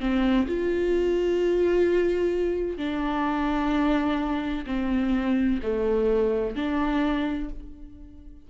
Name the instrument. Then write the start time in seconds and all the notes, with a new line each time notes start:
viola
0.00 C4
0.47 F4
2.78 D4
4.66 C4
5.63 A3
6.56 D4